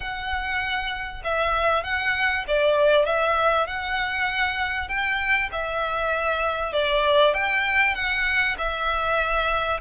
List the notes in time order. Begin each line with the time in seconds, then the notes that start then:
0.00 F#5
1.24 E5
1.83 F#5
2.47 D5
3.05 E5
3.66 F#5
4.88 G5
5.52 E5
6.72 D5
7.34 G5
7.94 F#5
8.58 E5